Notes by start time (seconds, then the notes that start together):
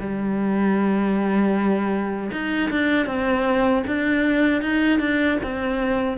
0.00 G3
2.32 D#4
2.71 D4
3.06 C4
3.87 D4
4.62 D#4
4.99 D4
5.43 C4